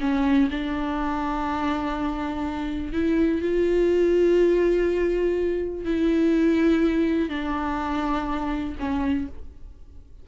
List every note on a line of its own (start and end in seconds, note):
0.00 0.49 C#4
0.51 2.92 D4
2.92 3.41 E4
3.41 5.85 F4
5.85 7.29 E4
7.29 8.75 D4
8.79 9.28 C#4